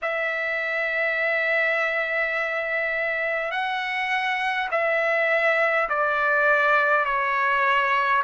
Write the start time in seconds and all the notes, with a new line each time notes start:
0.02 E5
3.51 F#5
4.71 E5
5.89 D5
7.05 C#5